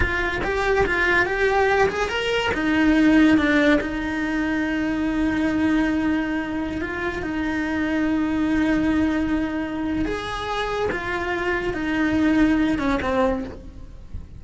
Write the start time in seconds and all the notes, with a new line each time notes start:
0.00 F4
0.43 G4
0.85 F4
1.25 G4
1.88 G#4
2.09 A#4
2.53 D#4
3.37 D4
3.81 D#4
6.81 F4
7.22 D#4
10.05 G#4
10.91 F4
11.73 D#4
12.78 C#4
13.02 C4